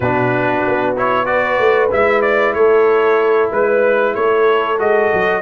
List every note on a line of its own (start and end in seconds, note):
0.00 0.63 B2
0.00 0.96 D4
0.00 1.26 F#4
0.00 0.95 B4
0.66 1.58 B3
0.96 1.25 E4
0.96 1.25 C#5
1.25 1.89 F#4
1.25 2.57 B4
1.25 1.89 D5
1.58 1.90 A3
1.91 2.54 G#3
1.91 4.78 E4
1.91 2.21 E5
2.21 2.53 D5
2.54 3.50 A3
2.54 3.51 A4
2.54 3.49 C#5
3.51 4.15 G#3
3.51 4.14 B4
4.14 4.79 A3
4.14 5.42 A4
4.14 4.78 C#5
4.78 5.11 G#3
4.78 5.42 F#4
4.78 5.42 D#5
5.13 5.42 F#3